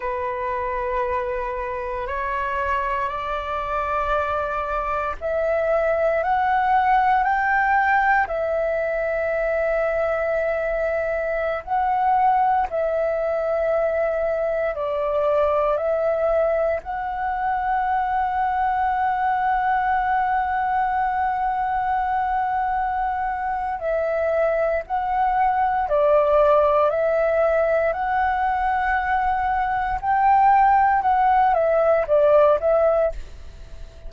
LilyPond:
\new Staff \with { instrumentName = "flute" } { \time 4/4 \tempo 4 = 58 b'2 cis''4 d''4~ | d''4 e''4 fis''4 g''4 | e''2.~ e''16 fis''8.~ | fis''16 e''2 d''4 e''8.~ |
e''16 fis''2.~ fis''8.~ | fis''2. e''4 | fis''4 d''4 e''4 fis''4~ | fis''4 g''4 fis''8 e''8 d''8 e''8 | }